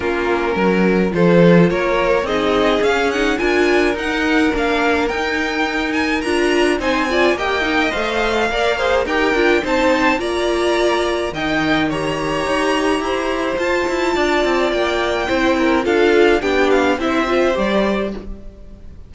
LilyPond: <<
  \new Staff \with { instrumentName = "violin" } { \time 4/4 \tempo 4 = 106 ais'2 c''4 cis''4 | dis''4 f''8 fis''8 gis''4 fis''4 | f''4 g''4. gis''8 ais''4 | gis''4 g''4 f''2 |
g''4 a''4 ais''2 | g''4 ais''2. | a''2 g''2 | f''4 g''8 f''8 e''4 d''4 | }
  \new Staff \with { instrumentName = "violin" } { \time 4/4 f'4 ais'4 a'4 ais'4 | gis'2 ais'2~ | ais'1 | c''8 d''8 dis''2 d''8 c''8 |
ais'4 c''4 d''2 | dis''4 cis''2 c''4~ | c''4 d''2 c''8 ais'8 | a'4 g'4 c''2 | }
  \new Staff \with { instrumentName = "viola" } { \time 4/4 cis'2 f'2 | dis'4 cis'8 dis'8 f'4 dis'4 | d'4 dis'2 f'4 | dis'8 f'8 g'8 dis'8 c''4 ais'8 gis'8 |
g'8 f'8 dis'4 f'2 | dis'4 g'2. | f'2. e'4 | f'4 d'4 e'8 f'8 g'4 | }
  \new Staff \with { instrumentName = "cello" } { \time 4/4 ais4 fis4 f4 ais4 | c'4 cis'4 d'4 dis'4 | ais4 dis'2 d'4 | c'4 ais4 a4 ais4 |
dis'8 d'8 c'4 ais2 | dis2 dis'4 e'4 | f'8 e'8 d'8 c'8 ais4 c'4 | d'4 b4 c'4 g4 | }
>>